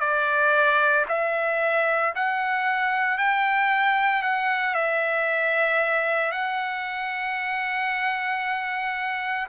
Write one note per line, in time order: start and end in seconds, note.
0.00 1.05 D5
1.09 2.14 E5
2.15 3.18 F#5
3.18 4.23 G5
4.23 4.75 F#5
4.75 6.32 E5
6.32 9.47 F#5